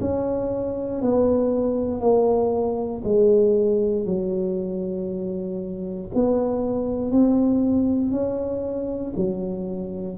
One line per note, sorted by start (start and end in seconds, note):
0.00 1.01 C#4
1.01 2.00 B3
2.00 3.02 A#3
3.04 4.05 G#3
4.05 6.09 F#3
6.14 7.11 B3
7.11 8.11 C4
8.11 9.12 C#4
9.15 10.17 F#3